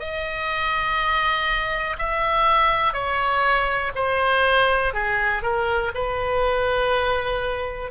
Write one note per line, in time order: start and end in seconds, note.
0.00 1.97 D#5
1.99 2.94 E5
2.94 3.92 C#5
3.96 4.94 C5
4.94 5.43 G#4
5.43 5.92 A#4
5.95 7.92 B4